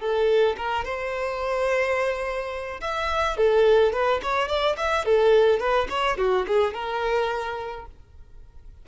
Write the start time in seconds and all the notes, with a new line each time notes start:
0.00 A4
0.57 A#4
0.85 C5
2.81 E5
3.37 A4
3.93 B4
4.23 C#5
4.48 D5
4.77 E5
5.05 A4
5.59 B4
5.89 C#5
6.18 F#4
6.47 G#4
6.74 A#4